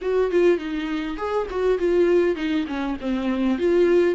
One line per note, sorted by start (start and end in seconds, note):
0.01 0.31 F#4
0.31 0.58 F4
0.58 1.17 D#4
1.17 1.46 G#4
1.50 1.78 F#4
1.78 2.35 F4
2.35 2.65 D#4
2.67 2.96 C#4
3.00 3.58 C4
3.58 4.15 F4